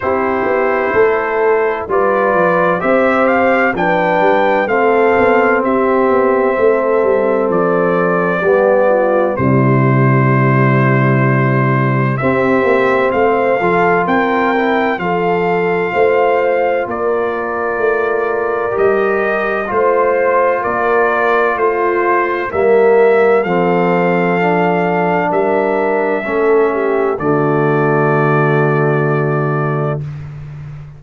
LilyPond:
<<
  \new Staff \with { instrumentName = "trumpet" } { \time 4/4 \tempo 4 = 64 c''2 d''4 e''8 f''8 | g''4 f''4 e''2 | d''2 c''2~ | c''4 e''4 f''4 g''4 |
f''2 d''2 | dis''4 c''4 d''4 c''4 | e''4 f''2 e''4~ | e''4 d''2. | }
  \new Staff \with { instrumentName = "horn" } { \time 4/4 g'4 a'4 b'4 c''4 | b'4 a'4 g'4 a'4~ | a'4 g'8 f'8 e'2~ | e'4 g'4 c''8 a'8 ais'4 |
a'4 c''4 ais'2~ | ais'4 c''4 ais'4 f'4 | ais'4 a'2 ais'4 | a'8 g'8 fis'2. | }
  \new Staff \with { instrumentName = "trombone" } { \time 4/4 e'2 f'4 g'4 | d'4 c'2.~ | c'4 b4 g2~ | g4 c'4. f'4 e'8 |
f'1 | g'4 f'2. | ais4 c'4 d'2 | cis'4 a2. | }
  \new Staff \with { instrumentName = "tuba" } { \time 4/4 c'8 b8 a4 g8 f8 c'4 | f8 g8 a8 b8 c'8 b8 a8 g8 | f4 g4 c2~ | c4 c'8 ais8 a8 f8 c'4 |
f4 a4 ais4 a4 | g4 a4 ais4 a4 | g4 f2 g4 | a4 d2. | }
>>